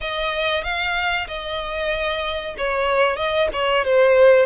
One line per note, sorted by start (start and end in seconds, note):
0.00 0.63 D#5
0.63 1.27 F5
1.27 2.55 D#5
2.57 3.16 C#5
3.16 3.48 D#5
3.53 3.84 C#5
3.84 4.46 C5